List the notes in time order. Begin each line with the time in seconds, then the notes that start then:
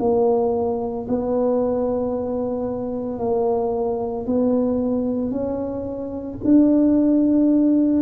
0.00 A#3
1.09 B3
3.19 A#3
4.27 B3
5.31 C#4
6.44 D4